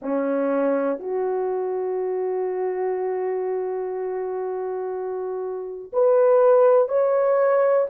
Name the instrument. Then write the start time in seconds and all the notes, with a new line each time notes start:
horn
0.02 C#4
0.99 F#4
5.92 B4
6.88 C#5